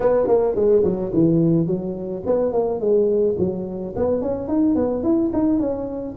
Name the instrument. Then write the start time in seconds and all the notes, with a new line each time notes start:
tuba
0.00 B3
0.27 A#3
0.55 G#3
0.84 F#3
1.13 E3
1.66 F#3
2.26 B3
2.52 A#3
2.80 G#3
3.38 F#3
3.96 B3
4.21 C#4
4.47 D#4
4.75 B3
5.03 E4
5.33 D#4
5.59 C#4